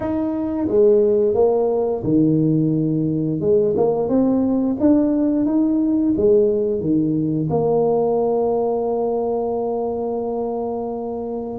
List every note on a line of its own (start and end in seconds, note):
0.00 0.67 D#4
0.68 1.34 G#3
1.34 2.02 A#3
2.04 3.40 D#3
3.40 3.74 G#3
3.76 4.08 A#3
4.08 4.76 C4
4.79 5.45 D4
5.45 6.14 D#4
6.16 6.80 G#3
6.80 7.48 D#3
7.49 11.58 A#3